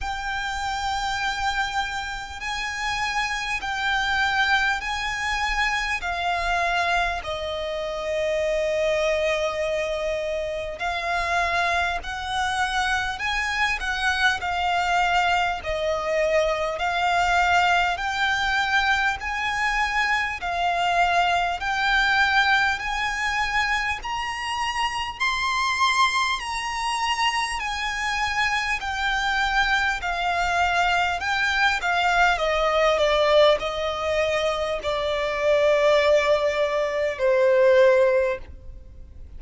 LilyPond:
\new Staff \with { instrumentName = "violin" } { \time 4/4 \tempo 4 = 50 g''2 gis''4 g''4 | gis''4 f''4 dis''2~ | dis''4 f''4 fis''4 gis''8 fis''8 | f''4 dis''4 f''4 g''4 |
gis''4 f''4 g''4 gis''4 | ais''4 c'''4 ais''4 gis''4 | g''4 f''4 g''8 f''8 dis''8 d''8 | dis''4 d''2 c''4 | }